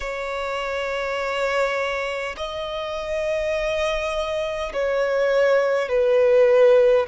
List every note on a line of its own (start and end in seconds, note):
0.00 2.35 C#5
2.36 4.72 D#5
4.73 5.88 C#5
5.88 7.06 B4